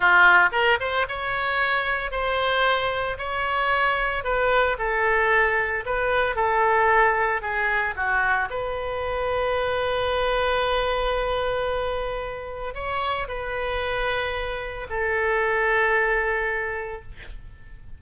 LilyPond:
\new Staff \with { instrumentName = "oboe" } { \time 4/4 \tempo 4 = 113 f'4 ais'8 c''8 cis''2 | c''2 cis''2 | b'4 a'2 b'4 | a'2 gis'4 fis'4 |
b'1~ | b'1 | cis''4 b'2. | a'1 | }